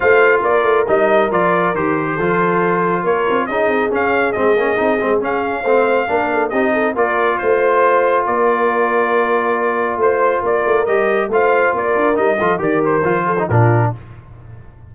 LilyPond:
<<
  \new Staff \with { instrumentName = "trumpet" } { \time 4/4 \tempo 4 = 138 f''4 d''4 dis''4 d''4 | c''2. cis''4 | dis''4 f''4 dis''2 | f''2. dis''4 |
d''4 c''2 d''4~ | d''2. c''4 | d''4 dis''4 f''4 d''4 | dis''4 d''8 c''4. ais'4 | }
  \new Staff \with { instrumentName = "horn" } { \time 4/4 c''4 ais'2.~ | ais'4 a'2 ais'4 | gis'1~ | gis'4 c''4 ais'8 a'8 g'8 a'8 |
ais'4 c''2 ais'4~ | ais'2. c''4 | ais'2 c''4 ais'4~ | ais'8 a'8 ais'4. a'8 f'4 | }
  \new Staff \with { instrumentName = "trombone" } { \time 4/4 f'2 dis'4 f'4 | g'4 f'2. | dis'4 cis'4 c'8 cis'8 dis'8 c'8 | cis'4 c'4 d'4 dis'4 |
f'1~ | f'1~ | f'4 g'4 f'2 | dis'8 f'8 g'4 f'8. dis'16 d'4 | }
  \new Staff \with { instrumentName = "tuba" } { \time 4/4 a4 ais8 a8 g4 f4 | dis4 f2 ais8 c'8 | cis'8 c'8 cis'4 gis8 ais8 c'8 gis8 | cis'4 a4 ais4 c'4 |
ais4 a2 ais4~ | ais2. a4 | ais8 a8 g4 a4 ais8 d'8 | g8 f8 dis4 f4 ais,4 | }
>>